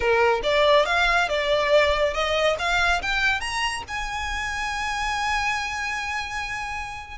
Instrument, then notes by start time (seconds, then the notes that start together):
violin
0.00 A#4
0.43 D5
0.85 F5
1.28 D5
2.13 D#5
2.58 F5
3.02 G5
3.40 A#5
3.88 G#5